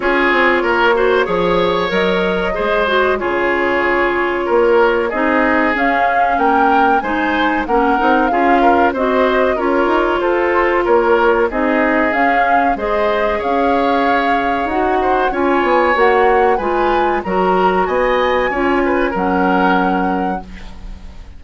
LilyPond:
<<
  \new Staff \with { instrumentName = "flute" } { \time 4/4 \tempo 4 = 94 cis''2. dis''4~ | dis''4 cis''2. | dis''4 f''4 g''4 gis''4 | fis''4 f''4 dis''4 cis''4 |
c''4 cis''4 dis''4 f''4 | dis''4 f''2 fis''4 | gis''4 fis''4 gis''4 ais''4 | gis''2 fis''2 | }
  \new Staff \with { instrumentName = "oboe" } { \time 4/4 gis'4 ais'8 c''8 cis''2 | c''4 gis'2 ais'4 | gis'2 ais'4 c''4 | ais'4 gis'8 ais'8 c''4 ais'4 |
a'4 ais'4 gis'2 | c''4 cis''2~ cis''8 c''8 | cis''2 b'4 ais'4 | dis''4 cis''8 b'8 ais'2 | }
  \new Staff \with { instrumentName = "clarinet" } { \time 4/4 f'4. fis'8 gis'4 ais'4 | gis'8 fis'8 f'2. | dis'4 cis'2 dis'4 | cis'8 dis'8 f'4 fis'4 f'4~ |
f'2 dis'4 cis'4 | gis'2. fis'4 | f'4 fis'4 f'4 fis'4~ | fis'4 f'4 cis'2 | }
  \new Staff \with { instrumentName = "bassoon" } { \time 4/4 cis'8 c'8 ais4 f4 fis4 | gis4 cis2 ais4 | c'4 cis'4 ais4 gis4 | ais8 c'8 cis'4 c'4 cis'8 dis'8 |
f'4 ais4 c'4 cis'4 | gis4 cis'2 dis'4 | cis'8 b8 ais4 gis4 fis4 | b4 cis'4 fis2 | }
>>